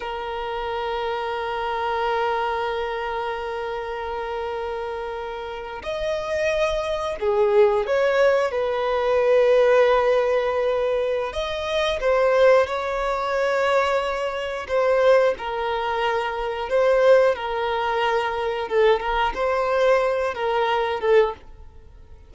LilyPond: \new Staff \with { instrumentName = "violin" } { \time 4/4 \tempo 4 = 90 ais'1~ | ais'1~ | ais'8. dis''2 gis'4 cis''16~ | cis''8. b'2.~ b'16~ |
b'4 dis''4 c''4 cis''4~ | cis''2 c''4 ais'4~ | ais'4 c''4 ais'2 | a'8 ais'8 c''4. ais'4 a'8 | }